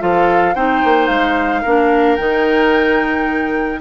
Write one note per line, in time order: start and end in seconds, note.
0.00 0.55 F3
0.00 0.55 F4
0.00 0.55 A4
0.00 0.55 F5
0.55 0.82 C4
0.55 1.64 D#4
0.55 1.62 C5
0.55 1.07 G5
0.84 1.09 A#3
1.07 1.64 G#3
1.07 2.16 F5
1.62 2.19 A#3
1.62 2.18 D4
1.62 3.80 A#4
2.16 3.81 D#3
2.16 3.81 D#4
2.16 3.79 G5